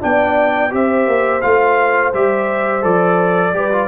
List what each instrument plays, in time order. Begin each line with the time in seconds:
0.00 tuba B3, trombone D4, horn D5, trumpet G5
0.70 tuba C4, trombone G4, horn C5, trumpet E5
1.07 tuba A#3
1.41 tuba A3, trombone F4, trumpet F5
2.14 tuba G3, trombone G4, trumpet E5
2.82 tuba F3, trombone A4, trumpet D5
3.53 tuba G3, trombone G4, horn B4
3.72 trombone F4